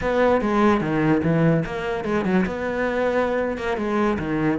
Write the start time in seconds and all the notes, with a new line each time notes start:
0.01 B3
0.41 G#3
0.81 D#3
1.23 E3
1.65 A#3
2.04 G#3
2.24 F#3
2.45 B3
3.57 A#3
3.77 G#3
4.18 D#3